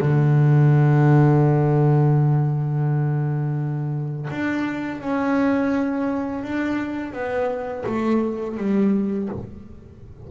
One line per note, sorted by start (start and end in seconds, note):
0.00 4.29 D3
4.31 5.01 D4
5.01 6.44 C#4
6.44 7.13 D4
7.13 7.84 B3
7.86 8.57 A3
8.57 9.29 G3